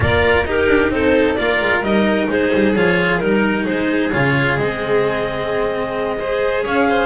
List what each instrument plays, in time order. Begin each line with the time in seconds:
0.00 double bass A#3, cello F4, violin A#4, clarinet D5
0.44 double bass D#4, cello D#4, violin G4, clarinet A#4
0.67 double bass D4
0.90 double bass C4, violin A4, clarinet C5
1.34 double bass A#3, cello F4, violin A#4, clarinet D5
1.60 double bass G#3
1.81 double bass G3, cello D#4, clarinet D#5
2.29 double bass G#3, violin G#4, clarinet C5
2.54 double bass G3
2.75 double bass F3, cello F4, clarinet C#5
3.18 double bass G3, cello D#4, clarinet A#4
3.24 violin A#4
3.64 double bass G#3, violin G#4, clarinet C5
4.12 double bass C#3, cello F4, clarinet C#5
4.57 double bass G#3, cello C4, clarinet D#5
6.19 cello G#4, violin C5
6.64 double bass C#4, violin C#5, clarinet F5
6.88 violin C5